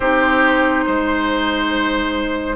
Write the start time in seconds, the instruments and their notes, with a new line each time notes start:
0.00 bassoon C4, clarinet D#4, oboe G4, flute C5
0.86 bassoon G#3, oboe C5